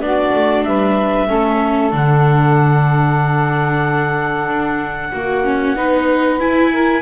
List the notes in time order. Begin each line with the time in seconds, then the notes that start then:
0.00 B3 D4 F#4 D5
0.35 A3
0.64 G3 B4 E5
1.28 A3 C#4 A4
1.92 D3 D4 F#5
4.48 D4
5.12 A#3 F#4
5.44 C#4
5.76 B3 D#4 B4
6.40 E4 G#5
6.73 A#4